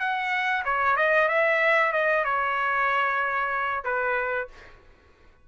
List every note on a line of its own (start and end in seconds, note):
0.00 0.64 F#5
0.65 0.97 C#5
0.97 1.29 D#5
1.29 1.93 E5
1.93 2.25 D#5
2.25 3.84 C#5
3.85 4.49 B4